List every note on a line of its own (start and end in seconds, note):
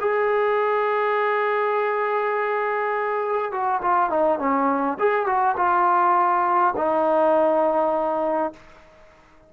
0.00 3.51 G#4
3.51 3.81 F#4
3.82 4.09 F4
4.09 4.39 D#4
4.39 4.97 C#4
4.99 5.26 G#4
5.26 5.55 F#4
5.56 6.74 F4
6.76 8.53 D#4